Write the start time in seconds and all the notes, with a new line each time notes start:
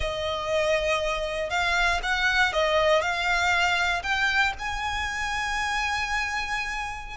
0.00 D#5
1.50 F5
2.02 F#5
2.52 D#5
3.01 F5
4.02 G5
4.58 G#5